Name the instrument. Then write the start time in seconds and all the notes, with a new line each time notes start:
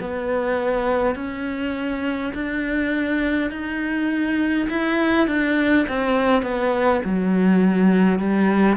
cello
0.00 B3
1.15 C#4
2.34 D4
3.50 D#4
4.70 E4
5.27 D4
5.88 C4
6.42 B3
7.04 F#3
8.19 G3